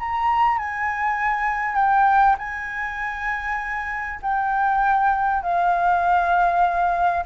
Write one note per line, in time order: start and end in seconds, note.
0.00 0.59 A#5
0.59 1.76 G#5
1.76 2.36 G5
2.39 4.20 G#5
4.23 5.43 G5
5.43 7.25 F5